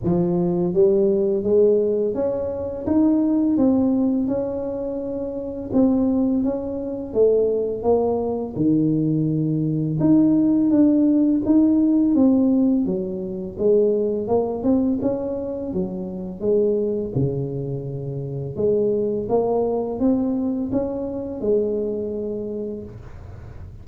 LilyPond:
\new Staff \with { instrumentName = "tuba" } { \time 4/4 \tempo 4 = 84 f4 g4 gis4 cis'4 | dis'4 c'4 cis'2 | c'4 cis'4 a4 ais4 | dis2 dis'4 d'4 |
dis'4 c'4 fis4 gis4 | ais8 c'8 cis'4 fis4 gis4 | cis2 gis4 ais4 | c'4 cis'4 gis2 | }